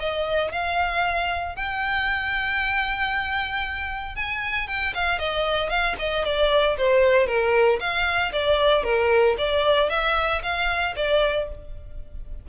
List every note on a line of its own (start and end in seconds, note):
0.00 0.52 D#5
0.52 1.56 F5
1.56 4.16 G5
4.16 4.68 G#5
4.68 4.94 G5
4.94 5.19 F5
5.19 5.70 D#5
5.70 5.96 F5
5.99 6.25 D#5
6.25 6.77 D5
6.78 7.27 C5
7.27 7.79 A#4
7.80 8.32 F5
8.32 8.84 D5
8.84 9.36 A#4
9.38 9.90 D5
9.90 10.42 E5
10.43 10.95 F5
10.96 11.49 D5